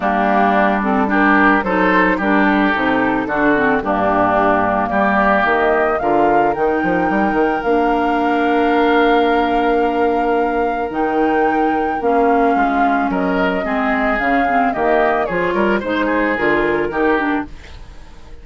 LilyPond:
<<
  \new Staff \with { instrumentName = "flute" } { \time 4/4 \tempo 4 = 110 g'4. a'8 ais'4 c''4 | ais'8 a'2~ a'8 g'4~ | g'4 d''4 dis''4 f''4 | g''2 f''2~ |
f''1 | g''2 f''2 | dis''2 f''4 dis''4 | cis''4 c''4 ais'2 | }
  \new Staff \with { instrumentName = "oboe" } { \time 4/4 d'2 g'4 a'4 | g'2 fis'4 d'4~ | d'4 g'2 ais'4~ | ais'1~ |
ais'1~ | ais'2. f'4 | ais'4 gis'2 g'4 | gis'8 ais'8 c''8 gis'4. g'4 | }
  \new Staff \with { instrumentName = "clarinet" } { \time 4/4 ais4. c'8 d'4 dis'4 | d'4 dis'4 d'8 c'8 ais4~ | ais2. f'4 | dis'2 d'2~ |
d'1 | dis'2 cis'2~ | cis'4 c'4 cis'8 c'8 ais4 | f'4 dis'4 f'4 dis'8 d'8 | }
  \new Staff \with { instrumentName = "bassoon" } { \time 4/4 g2. fis4 | g4 c4 d4 g,4~ | g,4 g4 dis4 d4 | dis8 f8 g8 dis8 ais2~ |
ais1 | dis2 ais4 gis4 | fis4 gis4 cis4 dis4 | f8 g8 gis4 d4 dis4 | }
>>